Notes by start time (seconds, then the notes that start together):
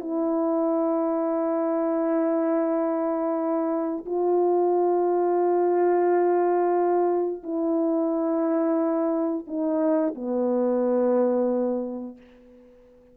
0.00 E4
4.05 F4
7.43 E4
9.47 D#4
10.15 B3